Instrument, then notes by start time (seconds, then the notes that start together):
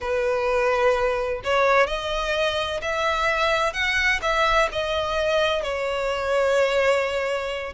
violin
0.00 B4
1.44 C#5
1.87 D#5
2.81 E5
3.73 F#5
4.22 E5
4.72 D#5
5.62 C#5